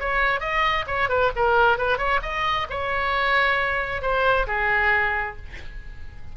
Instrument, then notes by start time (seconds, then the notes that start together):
oboe
0.00 C#5
0.40 D#5
0.87 C#5
1.09 B4
1.36 A#4
1.78 B4
1.98 C#5
2.22 D#5
2.70 C#5
4.02 C5
4.47 G#4